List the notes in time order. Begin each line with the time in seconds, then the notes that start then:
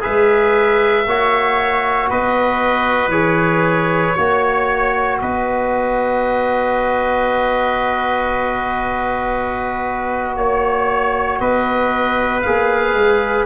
0.00 G#3 G#4 B4 E5
1.06 A#3 F#4 C#5
2.09 B3 B4 D#5
3.08 E3 G#4 C#5
4.15 A#3 F#4 C#5
5.20 B3 B4 D#5
10.35 A#3 C#5
11.39 B3 B4 D#5
12.41 A#3 G#4 F5
12.94 G#3